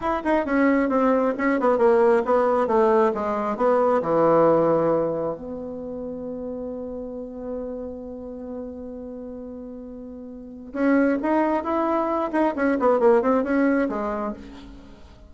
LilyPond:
\new Staff \with { instrumentName = "bassoon" } { \time 4/4 \tempo 4 = 134 e'8 dis'8 cis'4 c'4 cis'8 b8 | ais4 b4 a4 gis4 | b4 e2. | b1~ |
b1~ | b1 | cis'4 dis'4 e'4. dis'8 | cis'8 b8 ais8 c'8 cis'4 gis4 | }